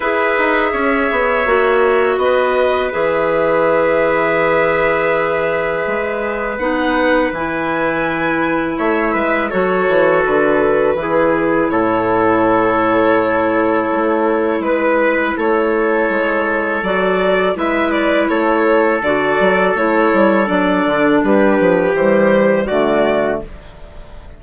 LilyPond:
<<
  \new Staff \with { instrumentName = "violin" } { \time 4/4 \tempo 4 = 82 e''2. dis''4 | e''1~ | e''4 fis''4 gis''2 | e''4 cis''4 b'2 |
cis''1 | b'4 cis''2 d''4 | e''8 d''8 cis''4 d''4 cis''4 | d''4 b'4 c''4 d''4 | }
  \new Staff \with { instrumentName = "trumpet" } { \time 4/4 b'4 cis''2 b'4~ | b'1~ | b'1 | cis''8 b'8 a'2 gis'4 |
a'1 | b'4 a'2. | b'4 a'2.~ | a'4 g'2 fis'4 | }
  \new Staff \with { instrumentName = "clarinet" } { \time 4/4 gis'2 fis'2 | gis'1~ | gis'4 dis'4 e'2~ | e'4 fis'2 e'4~ |
e'1~ | e'2. fis'4 | e'2 fis'4 e'4 | d'2 g4 a4 | }
  \new Staff \with { instrumentName = "bassoon" } { \time 4/4 e'8 dis'8 cis'8 b8 ais4 b4 | e1 | gis4 b4 e2 | a8 gis8 fis8 e8 d4 e4 |
a,2. a4 | gis4 a4 gis4 fis4 | gis4 a4 d8 fis8 a8 g8 | fis8 d8 g8 f8 e4 d4 | }
>>